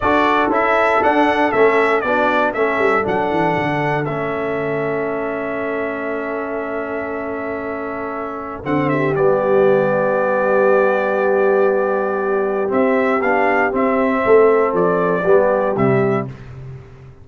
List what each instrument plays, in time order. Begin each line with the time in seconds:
0.00 tuba D4, trombone F#4, horn A4, trumpet D5
0.49 tuba C#4, trombone E4, trumpet E5
1.01 trombone D4, tuba D4, trumpet F#5
1.52 tuba A3, trombone C#4, trumpet E5
2.01 tuba B3, trombone D4, horn F#4, trumpet D5
2.53 tuba A3, trombone C#4, horn A4, trumpet E5
2.78 tuba G3
3.02 tuba F#3, trombone D4, trumpet F#5
3.30 tuba E3
3.56 tuba D3
4.04 tuba A3, trombone C#4, trumpet E5
8.63 tuba D3, trombone C4, trumpet F#5
8.89 horn G4, trumpet E5
9.15 tuba G3, trombone B3, trumpet D5
12.68 trombone C4, tuba C4, trumpet E5
13.21 tuba B3, trombone D4, trumpet F5
13.71 trombone C4, tuba C4, trumpet E5
14.25 tuba A3, horn A4
14.73 tuba F3, trumpet D5
15.22 tuba G3, trombone B3, horn G4
15.76 tuba C3, trombone G3, trumpet E5